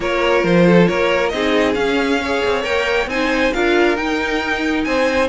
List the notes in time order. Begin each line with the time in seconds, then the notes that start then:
0.00 A#3 F4 A#4 C#5
0.43 F3 C5
0.66 A4
0.87 A#3 A#4 C#5
1.28 C4 D#4 G#4 D#5
1.74 C#4 F5
2.21 G#4 C#5
2.45 C4
2.63 A#3 A#4 G5
3.06 C4 D#4 C5 G#5
3.53 D4 F4 A#4 F5
3.96 D#4 G5
4.84 C4 C5 G#5